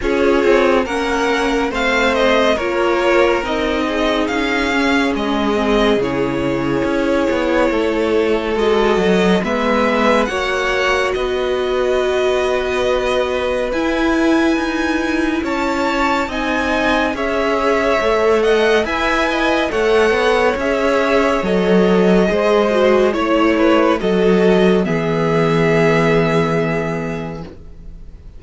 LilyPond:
<<
  \new Staff \with { instrumentName = "violin" } { \time 4/4 \tempo 4 = 70 cis''4 fis''4 f''8 dis''8 cis''4 | dis''4 f''4 dis''4 cis''4~ | cis''2 dis''4 e''4 | fis''4 dis''2. |
gis''2 a''4 gis''4 | e''4. fis''8 gis''4 fis''4 | e''4 dis''2 cis''4 | dis''4 e''2. | }
  \new Staff \with { instrumentName = "violin" } { \time 4/4 gis'4 ais'4 c''4 ais'4~ | ais'8 gis'2.~ gis'8~ | gis'4 a'2 b'4 | cis''4 b'2.~ |
b'2 cis''4 dis''4 | cis''4. dis''8 e''8 dis''8 cis''4~ | cis''2 c''4 cis''8 b'8 | a'4 gis'2. | }
  \new Staff \with { instrumentName = "viola" } { \time 4/4 f'4 cis'4 c'4 f'4 | dis'4. cis'4 c'8 e'4~ | e'2 fis'4 b4 | fis'1 |
e'2. dis'4 | gis'4 a'4 b'4 a'4 | gis'4 a'4 gis'8 fis'8 e'4 | fis'4 b2. | }
  \new Staff \with { instrumentName = "cello" } { \time 4/4 cis'8 c'8 ais4 a4 ais4 | c'4 cis'4 gis4 cis4 | cis'8 b8 a4 gis8 fis8 gis4 | ais4 b2. |
e'4 dis'4 cis'4 c'4 | cis'4 a4 e'4 a8 b8 | cis'4 fis4 gis4 a4 | fis4 e2. | }
>>